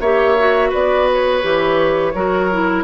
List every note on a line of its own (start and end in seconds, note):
0.00 0.71 A#3
0.00 0.38 G4
0.00 0.69 C#5
0.00 0.72 E5
0.38 1.41 F#4
0.69 1.43 B3
0.69 2.12 B4
0.69 1.09 D5
1.12 2.84 C#5
1.41 2.14 E3
1.41 2.12 G4
2.14 2.84 F#3
2.14 2.50 F#4
2.14 2.84 A#4
2.51 2.84 E4